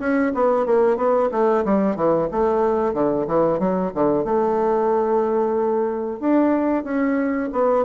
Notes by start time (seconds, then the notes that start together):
0.00 C#4
0.35 B3
0.66 A#3
0.97 B3
1.32 A3
1.65 G3
1.96 E3
2.32 A3
2.94 D3
3.28 E3
3.60 F#3
3.95 D3
4.25 A3
6.20 D4
6.84 C#4
7.53 B3